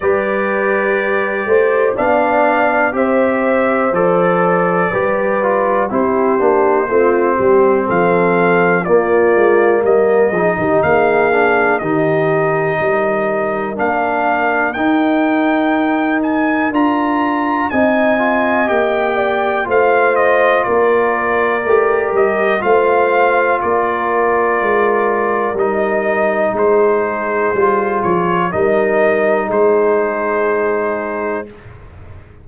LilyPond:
<<
  \new Staff \with { instrumentName = "trumpet" } { \time 4/4 \tempo 4 = 61 d''2 f''4 e''4 | d''2 c''2 | f''4 d''4 dis''4 f''4 | dis''2 f''4 g''4~ |
g''8 gis''8 ais''4 gis''4 g''4 | f''8 dis''8 d''4. dis''8 f''4 | d''2 dis''4 c''4~ | c''8 cis''8 dis''4 c''2 | }
  \new Staff \with { instrumentName = "horn" } { \time 4/4 b'4. c''8 d''4 c''4~ | c''4 b'4 g'4 f'8 g'8 | a'4 f'4 ais'8 gis'16 g'16 gis'4 | g'4 ais'2.~ |
ais'2 dis''4. d''8 | c''4 ais'2 c''4 | ais'2. gis'4~ | gis'4 ais'4 gis'2 | }
  \new Staff \with { instrumentName = "trombone" } { \time 4/4 g'2 d'4 g'4 | a'4 g'8 f'8 e'8 d'8 c'4~ | c'4 ais4. dis'4 d'8 | dis'2 d'4 dis'4~ |
dis'4 f'4 dis'8 f'8 g'4 | f'2 g'4 f'4~ | f'2 dis'2 | f'4 dis'2. | }
  \new Staff \with { instrumentName = "tuba" } { \time 4/4 g4. a8 b4 c'4 | f4 g4 c'8 ais8 a8 g8 | f4 ais8 gis8 g8 f16 dis16 ais4 | dis4 g4 ais4 dis'4~ |
dis'4 d'4 c'4 ais4 | a4 ais4 a8 g8 a4 | ais4 gis4 g4 gis4 | g8 f8 g4 gis2 | }
>>